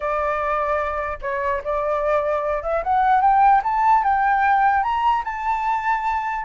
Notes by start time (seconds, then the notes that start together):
0.00 D5
1.21 C#5
1.64 D5
2.63 E5
2.83 F#5
3.21 G5
3.63 A5
4.03 G5
4.83 A#5
5.24 A5